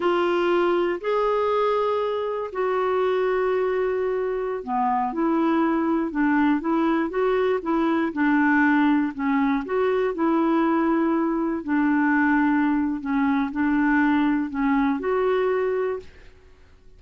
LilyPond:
\new Staff \with { instrumentName = "clarinet" } { \time 4/4 \tempo 4 = 120 f'2 gis'2~ | gis'4 fis'2.~ | fis'4~ fis'16 b4 e'4.~ e'16~ | e'16 d'4 e'4 fis'4 e'8.~ |
e'16 d'2 cis'4 fis'8.~ | fis'16 e'2. d'8.~ | d'2 cis'4 d'4~ | d'4 cis'4 fis'2 | }